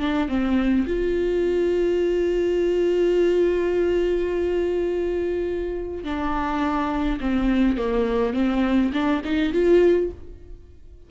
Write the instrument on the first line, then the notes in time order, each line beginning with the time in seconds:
viola
0.00 D4
0.29 C4
0.87 F4
6.04 D4
7.21 C4
7.78 A#3
8.34 C4
8.93 D4
9.25 D#4
9.53 F4